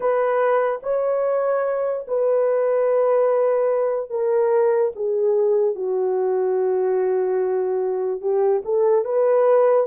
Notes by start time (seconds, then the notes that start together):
0.00 B4
0.82 C#5
2.07 B4
4.09 A#4
4.95 G#4
5.75 F#4
8.21 G4
8.65 A4
9.04 B4